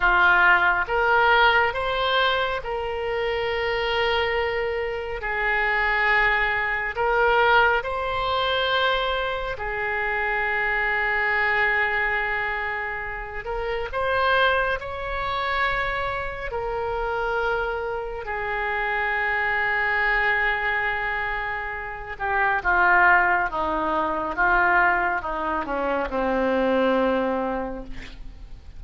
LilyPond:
\new Staff \with { instrumentName = "oboe" } { \time 4/4 \tempo 4 = 69 f'4 ais'4 c''4 ais'4~ | ais'2 gis'2 | ais'4 c''2 gis'4~ | gis'2.~ gis'8 ais'8 |
c''4 cis''2 ais'4~ | ais'4 gis'2.~ | gis'4. g'8 f'4 dis'4 | f'4 dis'8 cis'8 c'2 | }